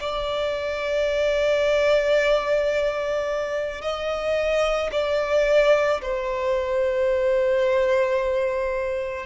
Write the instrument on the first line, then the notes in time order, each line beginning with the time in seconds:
violin
0.00 D5
3.81 D#5
4.92 D5
6.01 C5